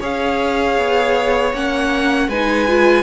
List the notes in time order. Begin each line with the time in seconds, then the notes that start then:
0.00 C#4 G#4 C#5 F5
0.78 B3
1.53 A#3 C#4 F#5
2.28 G#3 D#4 B4 G#5
2.68 F4